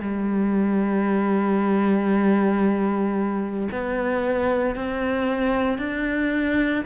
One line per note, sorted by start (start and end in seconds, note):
0.00 3.68 G3
3.71 4.76 B3
4.76 5.78 C4
5.78 6.84 D4